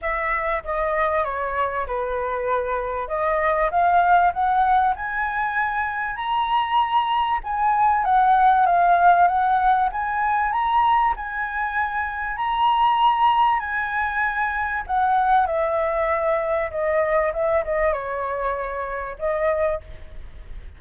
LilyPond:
\new Staff \with { instrumentName = "flute" } { \time 4/4 \tempo 4 = 97 e''4 dis''4 cis''4 b'4~ | b'4 dis''4 f''4 fis''4 | gis''2 ais''2 | gis''4 fis''4 f''4 fis''4 |
gis''4 ais''4 gis''2 | ais''2 gis''2 | fis''4 e''2 dis''4 | e''8 dis''8 cis''2 dis''4 | }